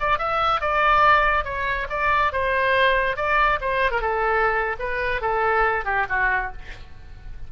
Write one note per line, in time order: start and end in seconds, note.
0.00 0.19 D5
0.19 0.61 E5
0.61 1.45 D5
1.45 1.87 C#5
1.90 2.33 D5
2.33 3.17 C5
3.17 3.60 D5
3.61 3.91 C5
3.91 4.01 A#4
4.01 4.76 A4
4.79 5.21 B4
5.21 5.85 A4
5.85 6.07 G4
6.09 6.52 F#4